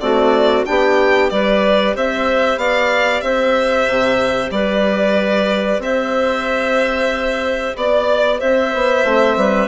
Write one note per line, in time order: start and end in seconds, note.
0.00 0.65 A3
0.00 0.65 C4
0.00 0.67 F#4
0.00 0.65 D5
0.65 1.31 B3
0.65 1.29 D4
0.65 1.32 G4
0.65 1.29 G5
1.29 1.95 G3
1.29 9.03 G4
1.29 1.95 B4
1.29 1.94 D5
1.95 2.56 C4
1.95 2.59 C5
1.95 2.58 E5
2.56 3.21 B3
2.56 3.23 D5
2.56 3.20 F5
3.20 3.86 C4
3.20 4.52 C5
3.20 4.49 E5
3.87 4.50 C3
4.50 5.78 G3
4.50 5.82 B4
4.50 5.80 D5
5.78 7.72 C4
5.78 7.75 C5
5.78 7.76 E5
7.76 8.40 B3
7.76 8.40 D5
7.76 8.39 D5
8.39 8.74 C4
8.39 9.36 C5
8.39 9.67 E5
8.74 9.04 B3
9.04 9.36 A3
9.04 9.67 C4
9.36 9.67 G3
9.36 9.67 B4